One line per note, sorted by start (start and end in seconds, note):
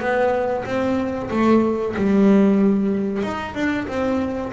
0.00 0.65 B3
0.65 1.30 C4
1.31 1.95 A3
1.97 3.23 G3
3.23 3.55 D#4
3.55 3.87 D4
3.88 4.52 C4